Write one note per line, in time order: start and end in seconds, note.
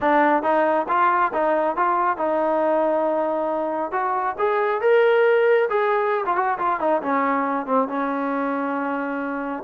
0.01 0.42 D4
0.42 0.86 D#4
0.88 1.32 F4
1.33 1.76 D#4
1.76 2.17 F4
2.17 3.91 D#4
3.91 4.35 F#4
4.38 4.81 G#4
4.81 5.68 A#4
5.69 6.24 G#4
6.25 6.36 F4
6.36 6.58 F#4
6.58 6.79 F4
6.79 7.01 D#4
7.02 7.65 C#4
7.65 7.87 C4
7.88 9.63 C#4